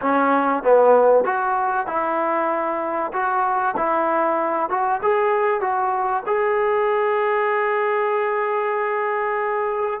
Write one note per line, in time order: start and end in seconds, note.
0.01 0.63 C#4
0.63 1.24 B3
1.24 1.86 F#4
1.86 3.11 E4
3.12 3.75 F#4
3.76 4.69 E4
4.69 5.00 F#4
5.02 5.61 G#4
5.61 6.23 F#4
6.26 10.00 G#4